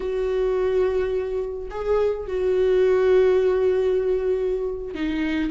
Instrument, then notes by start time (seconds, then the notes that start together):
viola
0.00 F#4
1.70 G#4
2.27 F#4
4.94 D#4